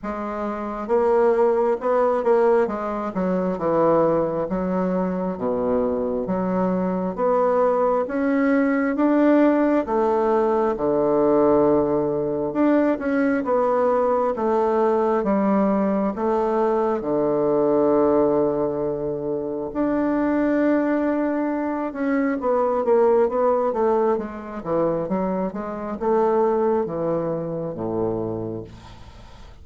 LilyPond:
\new Staff \with { instrumentName = "bassoon" } { \time 4/4 \tempo 4 = 67 gis4 ais4 b8 ais8 gis8 fis8 | e4 fis4 b,4 fis4 | b4 cis'4 d'4 a4 | d2 d'8 cis'8 b4 |
a4 g4 a4 d4~ | d2 d'2~ | d'8 cis'8 b8 ais8 b8 a8 gis8 e8 | fis8 gis8 a4 e4 a,4 | }